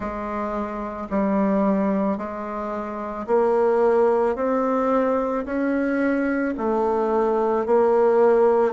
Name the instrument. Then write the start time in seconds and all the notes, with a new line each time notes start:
bassoon
0.00 G#3
1.10 G3
2.17 G#3
3.26 A#3
4.35 C4
5.45 C#4
6.57 A3
7.66 A#3